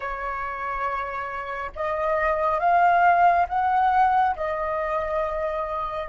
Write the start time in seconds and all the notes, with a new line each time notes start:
0.00 C#5
1.75 D#5
2.59 F5
3.48 F#5
4.36 D#5